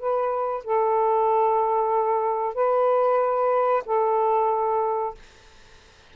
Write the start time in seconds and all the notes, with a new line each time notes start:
0.00 B4
0.65 A4
2.55 B4
3.86 A4